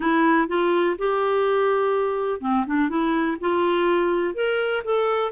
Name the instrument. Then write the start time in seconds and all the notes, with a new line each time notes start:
clarinet
0.00 E4
0.48 F4
0.98 G4
2.41 C4
2.66 D4
2.89 E4
3.40 F4
4.34 A#4
4.84 A4